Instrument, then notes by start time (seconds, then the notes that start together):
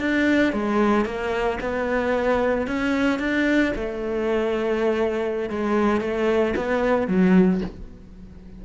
cello
0.00 D4
0.53 G#3
1.05 A#3
1.60 B3
2.67 C#4
3.19 D4
3.75 A3
5.50 G#3
6.01 A3
6.56 B3
7.08 F#3